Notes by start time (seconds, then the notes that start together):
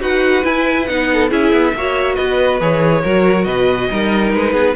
0.00 D#4 F#4 B4 F#5
0.43 E4 G#5
0.86 B3 D#4 F#5
1.13 A4
1.29 C#4 E4 G#4 E5
1.52 B3
1.74 A#3 F#4 C#5
2.15 B3 B4 D#5
2.60 E3 G#4 C#5
3.02 F#3 F#4 A#4
3.44 B2 B4 D#5
3.89 G3 D#4 A#4
4.33 G#3 B4
4.52 B3 G#4